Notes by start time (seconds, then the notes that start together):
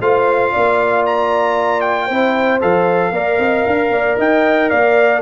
0.00 A3 F4 C5 F5
0.52 A#3 D5
1.06 A#5
1.80 G5
2.06 C4 E4 C5
2.61 F3 A4 F5
3.11 A#3 A#4 D5
3.39 C4 D#5
3.65 D4 F5
3.89 A#3 D5
4.18 D#4 D#5 G5
4.69 A#3 D5 F5